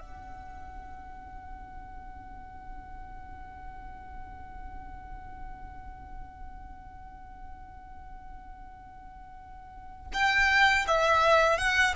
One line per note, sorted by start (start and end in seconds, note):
0.00 10.12 F#5
10.14 10.86 G5
10.88 11.59 E5
11.59 11.95 F#5